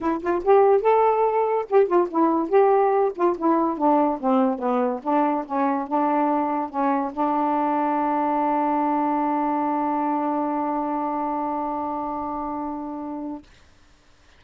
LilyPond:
\new Staff \with { instrumentName = "saxophone" } { \time 4/4 \tempo 4 = 143 e'8 f'8 g'4 a'2 | g'8 f'8 e'4 g'4. f'8 | e'4 d'4 c'4 b4 | d'4 cis'4 d'2 |
cis'4 d'2.~ | d'1~ | d'1~ | d'1 | }